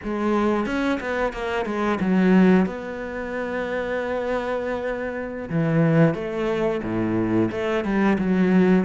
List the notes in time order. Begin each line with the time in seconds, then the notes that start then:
0.03 G#3
0.65 C#4
1.00 B3
1.32 A#3
1.65 G#3
2.00 F#3
2.65 B3
5.49 E3
6.14 A3
6.83 A2
7.51 A3
7.84 G3
8.18 F#3